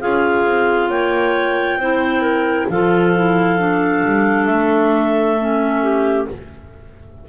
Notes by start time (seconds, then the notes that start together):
0.00 C#4 F4 G#4 F5
0.45 C4
0.89 A#3 C#5 G5
1.76 C4 E4 C5
2.21 A#4
2.69 F3 F4 A4 F5
3.16 E4
3.59 D4
4.05 G3
4.46 A3 E5
5.39 C#4
5.82 G4